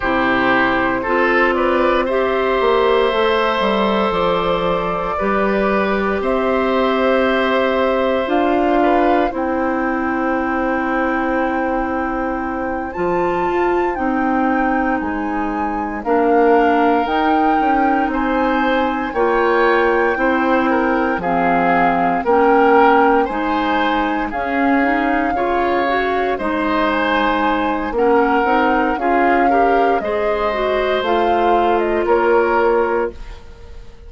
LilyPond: <<
  \new Staff \with { instrumentName = "flute" } { \time 4/4 \tempo 4 = 58 c''4. d''8 e''2 | d''2 e''2 | f''4 g''2.~ | g''8 a''4 g''4 gis''4 f''8~ |
f''8 g''4 gis''4 g''4.~ | g''8 f''4 g''4 gis''4 f''8~ | f''4. dis''8 gis''4 fis''4 | f''4 dis''4 f''8. dis''16 cis''4 | }
  \new Staff \with { instrumentName = "oboe" } { \time 4/4 g'4 a'8 b'8 c''2~ | c''4 b'4 c''2~ | c''8 b'8 c''2.~ | c''2.~ c''8 ais'8~ |
ais'4. c''4 cis''4 c''8 | ais'8 gis'4 ais'4 c''4 gis'8~ | gis'8 cis''4 c''4. ais'4 | gis'8 ais'8 c''2 ais'4 | }
  \new Staff \with { instrumentName = "clarinet" } { \time 4/4 e'4 f'4 g'4 a'4~ | a'4 g'2. | f'4 e'2.~ | e'8 f'4 dis'2 d'8~ |
d'8 dis'2 f'4 e'8~ | e'8 c'4 cis'4 dis'4 cis'8 | dis'8 f'8 fis'8 dis'4. cis'8 dis'8 | f'8 g'8 gis'8 fis'8 f'2 | }
  \new Staff \with { instrumentName = "bassoon" } { \time 4/4 c4 c'4. ais8 a8 g8 | f4 g4 c'2 | d'4 c'2.~ | c'8 f8 f'8 c'4 gis4 ais8~ |
ais8 dis'8 cis'8 c'4 ais4 c'8~ | c'8 f4 ais4 gis4 cis'8~ | cis'8 cis4 gis4. ais8 c'8 | cis'4 gis4 a4 ais4 | }
>>